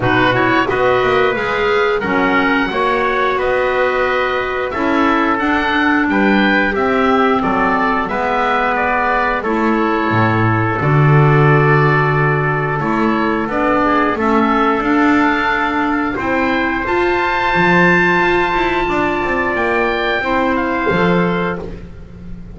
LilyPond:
<<
  \new Staff \with { instrumentName = "oboe" } { \time 4/4 \tempo 4 = 89 b'8 cis''8 dis''4 f''4 fis''4~ | fis''4 dis''2 e''4 | fis''4 g''4 e''4 d''4 | e''4 d''4 cis''2 |
d''2. cis''4 | d''4 e''4 f''2 | g''4 a''2.~ | a''4 g''4. f''4. | }
  \new Staff \with { instrumentName = "trumpet" } { \time 4/4 fis'4 b'2 ais'4 | cis''4 b'2 a'4~ | a'4 b'4 g'4 a'4 | b'2 a'2~ |
a'1~ | a'8 gis'8 a'2. | c''1 | d''2 c''2 | }
  \new Staff \with { instrumentName = "clarinet" } { \time 4/4 dis'8 e'8 fis'4 gis'4 cis'4 | fis'2. e'4 | d'2 c'2 | b2 e'2 |
fis'2. e'4 | d'4 cis'4 d'2 | e'4 f'2.~ | f'2 e'4 a'4 | }
  \new Staff \with { instrumentName = "double bass" } { \time 4/4 b,4 b8 ais8 gis4 fis4 | ais4 b2 cis'4 | d'4 g4 c'4 fis4 | gis2 a4 a,4 |
d2. a4 | b4 a4 d'2 | c'4 f'4 f4 f'8 e'8 | d'8 c'8 ais4 c'4 f4 | }
>>